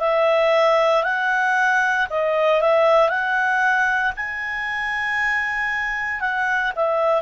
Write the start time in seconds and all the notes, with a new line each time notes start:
0.00 E5
1.04 F#5
2.10 D#5
2.61 E5
3.09 F#5
4.17 G#5
6.21 F#5
6.76 E5